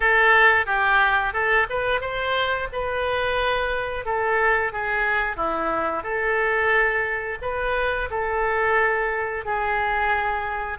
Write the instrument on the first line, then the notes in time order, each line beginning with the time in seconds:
oboe
0.00 A4
0.66 G4
1.33 A4
1.69 B4
2.00 C5
2.72 B4
4.05 A4
4.72 G#4
5.36 E4
6.03 A4
7.41 B4
8.10 A4
9.45 G#4